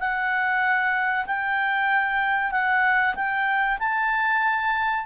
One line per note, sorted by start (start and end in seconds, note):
0.00 1.26 F#5
1.26 2.52 G5
2.52 3.15 F#5
3.16 3.79 G5
3.79 5.06 A5